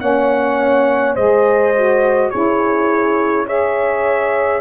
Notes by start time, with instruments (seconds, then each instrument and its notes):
0.00 tuba A#3, saxophone C#4, horn C#5, trumpet F#5
1.14 tuba G#3, saxophone G#4, horn C5, trumpet D#5
1.75 saxophone F#4
2.30 tuba C#4, saxophone E4, horn G#4, trumpet C#5
3.46 saxophone G#4, horn C#5, trumpet E5